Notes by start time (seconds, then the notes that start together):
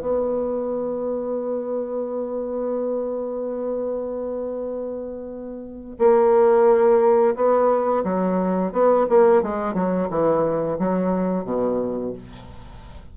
0.00 B3
5.98 A#3
7.35 B3
8.04 F#3
8.72 B3
9.09 A#3
9.42 G#3
9.73 F#3
10.10 E3
10.79 F#3
11.44 B2